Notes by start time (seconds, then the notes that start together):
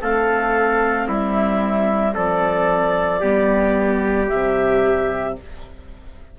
0.00 A3 C4 A4 F5
1.08 G3 E4 E5
2.14 F3 A4 D5
3.20 G3 B3 G4
4.28 C3 G3 E5